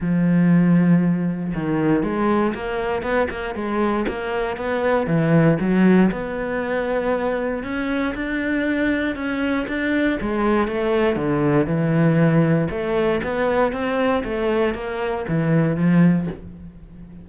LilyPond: \new Staff \with { instrumentName = "cello" } { \time 4/4 \tempo 4 = 118 f2. dis4 | gis4 ais4 b8 ais8 gis4 | ais4 b4 e4 fis4 | b2. cis'4 |
d'2 cis'4 d'4 | gis4 a4 d4 e4~ | e4 a4 b4 c'4 | a4 ais4 e4 f4 | }